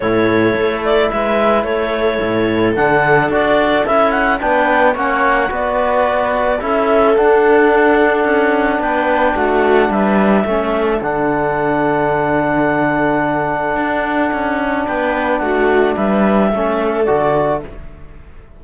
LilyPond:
<<
  \new Staff \with { instrumentName = "clarinet" } { \time 4/4 \tempo 4 = 109 cis''4. d''8 e''4 cis''4~ | cis''4 fis''4 d''4 e''8 fis''8 | g''4 fis''4 d''2 | e''4 fis''2. |
g''4 fis''4 e''2 | fis''1~ | fis''2. g''4 | fis''4 e''2 d''4 | }
  \new Staff \with { instrumentName = "viola" } { \time 4/4 a'2 b'4 a'4~ | a'1 | b'4 cis''4 b'2 | a'1 |
b'4 fis'4 b'4 a'4~ | a'1~ | a'2. b'4 | fis'4 b'4 a'2 | }
  \new Staff \with { instrumentName = "trombone" } { \time 4/4 e'1~ | e'4 d'4 fis'4 e'4 | d'4 cis'4 fis'2 | e'4 d'2.~ |
d'2. cis'4 | d'1~ | d'1~ | d'2 cis'4 fis'4 | }
  \new Staff \with { instrumentName = "cello" } { \time 4/4 a,4 a4 gis4 a4 | a,4 d4 d'4 cis'4 | b4 ais4 b2 | cis'4 d'2 cis'4 |
b4 a4 g4 a4 | d1~ | d4 d'4 cis'4 b4 | a4 g4 a4 d4 | }
>>